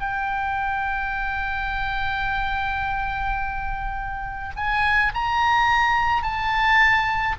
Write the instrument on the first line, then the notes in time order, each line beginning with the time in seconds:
oboe
0.00 G5
4.56 G#5
5.15 A#5
6.23 A5